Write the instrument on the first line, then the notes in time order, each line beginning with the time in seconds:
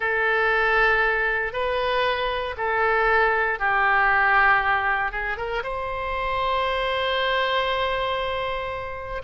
oboe
0.00 A4
1.52 B4
2.57 A4
3.59 G4
5.11 G#4
5.37 A#4
5.63 C5